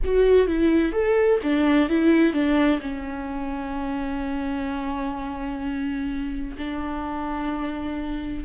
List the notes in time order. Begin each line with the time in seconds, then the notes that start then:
0.04 F#4
0.47 E4
0.92 A4
1.43 D4
1.89 E4
2.33 D4
2.81 C#4
6.57 D4